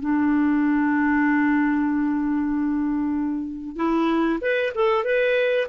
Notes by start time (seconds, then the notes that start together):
0.00 D4
3.76 E4
4.41 B4
4.75 A4
5.05 B4